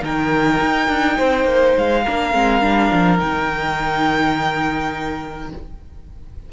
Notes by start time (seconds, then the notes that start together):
0.00 D#3 D#4 A#4 G5
0.61 D#4
0.88 D4
1.17 C4 C5
1.44 A#3
1.77 G#3 F5
2.03 A#3 D4 A#4
2.32 G#3 C4
2.61 G3 D4
2.92 F3
3.18 D#3 D#4 G5